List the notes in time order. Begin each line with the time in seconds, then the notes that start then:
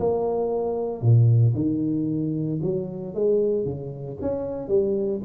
0.00 A#3
1.02 A#2
1.55 D#3
2.62 F#3
3.15 G#3
3.65 C#3
4.21 C#4
4.68 G3